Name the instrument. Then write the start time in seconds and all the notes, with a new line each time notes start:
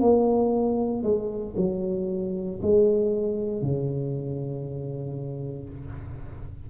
tuba
0.00 A#3
1.03 G#3
1.56 F#3
2.62 G#3
3.62 C#3